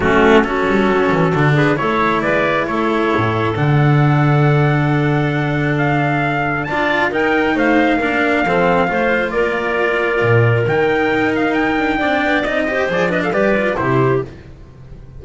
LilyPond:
<<
  \new Staff \with { instrumentName = "trumpet" } { \time 4/4 \tempo 4 = 135 fis'4 a'2~ a'8 b'8 | cis''4 d''4 cis''2 | fis''1~ | fis''4 f''2 a''4 |
g''4 f''2.~ | f''4 d''2. | g''4. f''8 g''2 | dis''4 d''8 dis''16 f''16 d''4 c''4 | }
  \new Staff \with { instrumentName = "clarinet" } { \time 4/4 cis'4 fis'2~ fis'8 gis'8 | a'4 b'4 a'2~ | a'1~ | a'2. d''4 |
ais'4 c''4 ais'4 a'4 | c''4 ais'2.~ | ais'2. d''4~ | d''8 c''4 b'16 a'16 b'4 g'4 | }
  \new Staff \with { instrumentName = "cello" } { \time 4/4 a4 cis'2 d'4 | e'1 | d'1~ | d'2. f'4 |
dis'2 d'4 c'4 | f'1 | dis'2. d'4 | dis'8 g'8 gis'8 d'8 g'8 f'8 e'4 | }
  \new Staff \with { instrumentName = "double bass" } { \time 4/4 fis4. g8 fis8 e8 d4 | a4 gis4 a4 a,4 | d1~ | d2. d'4 |
dis'4 a4 ais4 f4 | a4 ais2 ais,4 | dis4 dis'4. d'8 c'8 b8 | c'4 f4 g4 c4 | }
>>